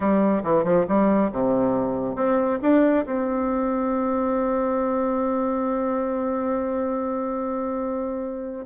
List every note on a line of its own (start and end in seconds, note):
0.00 0.43 G3
0.43 0.64 E3
0.64 0.85 F3
0.88 1.31 G3
1.31 2.15 C3
2.15 2.59 C4
2.62 3.05 D4
3.05 8.65 C4